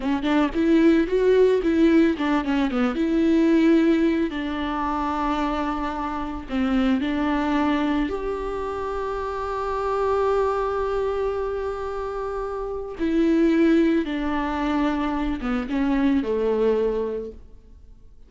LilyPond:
\new Staff \with { instrumentName = "viola" } { \time 4/4 \tempo 4 = 111 cis'8 d'8 e'4 fis'4 e'4 | d'8 cis'8 b8 e'2~ e'8 | d'1 | c'4 d'2 g'4~ |
g'1~ | g'1 | e'2 d'2~ | d'8 b8 cis'4 a2 | }